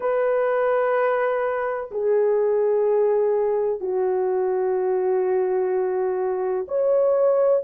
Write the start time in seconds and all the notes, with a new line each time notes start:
0.00 B4
1.91 G#4
3.80 F#4
6.68 C#5